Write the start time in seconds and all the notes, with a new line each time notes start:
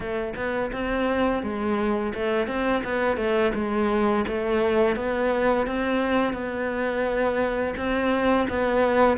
0.00 A3
0.36 B3
0.72 C4
1.42 G#3
2.14 A3
2.47 C4
2.84 B3
3.16 A3
3.54 G#3
4.27 A3
4.96 B3
5.66 C4
6.33 B3
7.76 C4
8.49 B3